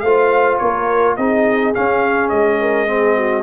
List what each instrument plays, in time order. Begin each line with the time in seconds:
0.00 tuba A3, trombone F4, horn C5, trumpet F5
0.58 tuba A#3, horn A#4, trumpet C#5
1.17 tuba C4, trombone D#4, horn G#4, trumpet D#5
1.74 trombone C#4, tuba C#4, trumpet F5
2.30 tuba G#3, trumpet D#5
2.61 horn A#4
2.87 trombone C4, horn G#4
3.17 horn F#4